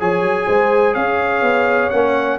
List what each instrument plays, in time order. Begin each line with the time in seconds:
0.00 tuba F3, trombone G#4, horn C#5, trumpet G#5
0.22 tuba F#3
0.47 tuba G#3, horn C5
0.95 tuba C#4, horn C#5, trumpet F5
1.42 tuba B3
1.90 tuba A#3, trombone C#4, trumpet F#5